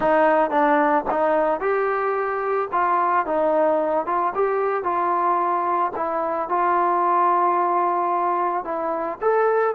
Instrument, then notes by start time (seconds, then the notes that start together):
trombone
0.00 D#4
0.50 D4
1.10 D#4
1.60 G4
2.72 F4
3.26 D#4
4.06 F4
4.34 G4
4.83 F4
5.96 E4
6.48 F4
8.64 E4
9.21 A4